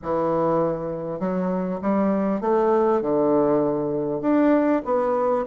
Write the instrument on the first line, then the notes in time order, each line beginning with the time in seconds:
bassoon
0.02 E3
1.19 F#3
1.81 G3
2.40 A3
3.01 D3
4.21 D4
4.85 B3